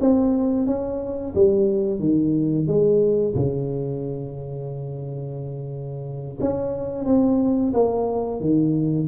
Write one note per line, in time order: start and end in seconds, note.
0.00 0.66 C4
0.66 1.34 C#4
1.35 1.99 G3
1.99 2.67 D#3
2.67 3.35 G#3
3.35 6.38 C#3
6.40 7.05 C#4
7.05 7.73 C4
7.73 8.41 A#3
8.41 9.07 D#3